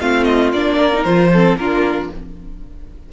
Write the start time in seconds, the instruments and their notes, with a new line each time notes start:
0.00 cello A3, viola C4, violin F4 F5
0.23 violin D#5
0.53 cello A#3, viola D4, violin D5
0.77 violin A#4
0.93 viola D#4
1.03 cello F3, viola F4, violin C5
1.33 viola C4, violin A4
1.56 cello A#3, viola D4, violin F4 A#4